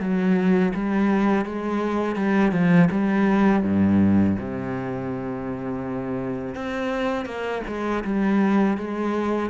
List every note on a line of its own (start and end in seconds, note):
0.00 0.73 F#3
0.75 1.45 G3
1.45 2.16 G#3
2.16 2.52 G3
2.52 2.89 F3
2.91 3.63 G3
3.63 4.36 G2
4.39 6.55 C3
6.55 7.26 C4
7.26 7.62 A#3
7.68 8.04 G#3
8.05 8.77 G3
8.77 9.51 G#3